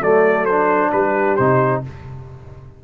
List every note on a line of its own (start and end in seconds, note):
0.00 0.92 F#3
0.00 0.49 A3
0.00 0.90 A4
0.00 0.45 D5
0.45 1.39 D4
0.45 0.91 C5
0.92 1.38 G3
0.92 1.82 G4
0.92 1.36 B4
1.36 1.84 C3
1.36 1.84 D#4
1.36 1.81 C5